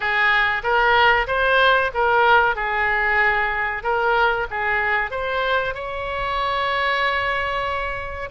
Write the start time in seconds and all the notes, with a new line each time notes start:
0.00 G#4
0.63 A#4
1.27 C5
1.94 A#4
2.55 G#4
3.83 A#4
4.50 G#4
5.11 C5
5.74 C#5